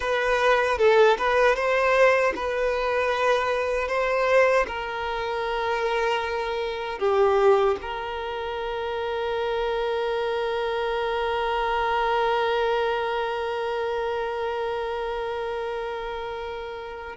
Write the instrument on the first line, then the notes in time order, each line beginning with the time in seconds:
violin
0.00 B4
0.78 A4
1.18 B4
1.55 C5
2.35 B4
3.87 C5
4.67 A#4
6.98 G4
7.81 A#4